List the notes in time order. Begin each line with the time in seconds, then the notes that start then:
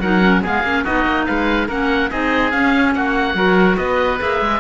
0.00 F#3 D#4 A#4 F#5
0.20 C#4
0.42 G#3 B3 G#4 F5
0.63 A#3 C#4
0.83 B3 D#4 F#4 D#5
1.05 A#3
1.26 G#3 B4 F5
1.68 A#3 C#4 A#4 F#5
2.10 C4 D#4 G#4 D#5
2.51 C#4 F5
2.94 A#3 F#4 F#5
3.35 F#3 F#4 A#4
3.77 B3 B4 D#5
4.19 A#3 G#4 E5
4.41 G#3